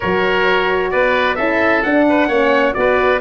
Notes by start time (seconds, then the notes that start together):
0.00 F#3 F#4 A#4 C#5
0.90 B3 B4 D5
1.35 C#4 E4 A4 E5
1.82 D4 F#5
2.09 B4
2.27 A#3 C#4 C#5
2.73 B3 F#4 B4 D5